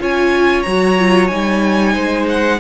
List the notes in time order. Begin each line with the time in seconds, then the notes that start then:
0.00 C#4 F4 C#5 G#5
0.63 F#3 F#4 A#5
0.99 F4
1.28 G3 D#4 G#5
1.93 G#3 C5
2.29 F#5